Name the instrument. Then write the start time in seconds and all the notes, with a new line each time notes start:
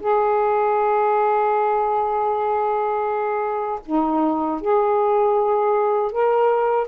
saxophone
0.00 G#4
3.86 D#4
4.61 G#4
6.12 A#4